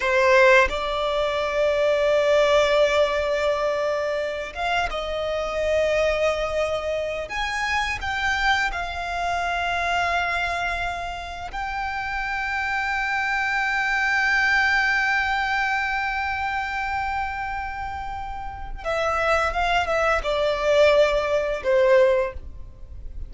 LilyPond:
\new Staff \with { instrumentName = "violin" } { \time 4/4 \tempo 4 = 86 c''4 d''2.~ | d''2~ d''8 f''8 dis''4~ | dis''2~ dis''8 gis''4 g''8~ | g''8 f''2.~ f''8~ |
f''8 g''2.~ g''8~ | g''1~ | g''2. e''4 | f''8 e''8 d''2 c''4 | }